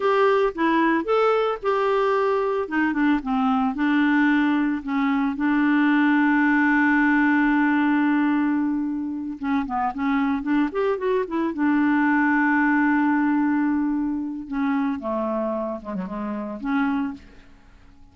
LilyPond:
\new Staff \with { instrumentName = "clarinet" } { \time 4/4 \tempo 4 = 112 g'4 e'4 a'4 g'4~ | g'4 dis'8 d'8 c'4 d'4~ | d'4 cis'4 d'2~ | d'1~ |
d'4. cis'8 b8 cis'4 d'8 | g'8 fis'8 e'8 d'2~ d'8~ | d'2. cis'4 | a4. gis16 fis16 gis4 cis'4 | }